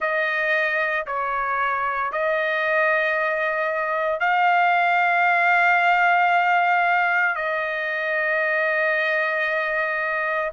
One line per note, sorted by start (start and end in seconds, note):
0.00 1.05 D#5
1.06 2.11 C#5
2.11 4.20 D#5
4.20 7.35 F5
7.35 10.51 D#5